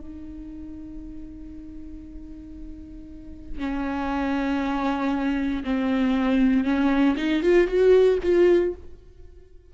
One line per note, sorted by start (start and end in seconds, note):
0.00 3.59 D#4
3.59 5.64 C#4
5.64 6.64 C4
6.64 7.16 C#4
7.17 7.42 D#4
7.42 7.67 F4
7.67 8.18 F#4
8.23 8.74 F4